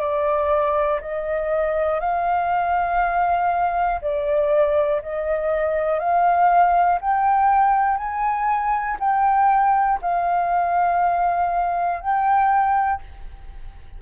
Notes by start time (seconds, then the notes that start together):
0.00 D5
1.00 D#5
2.00 F5
4.00 D5
5.02 D#5
5.99 F5
7.00 G5
7.97 G#5
9.00 G5
10.01 F5
12.00 G5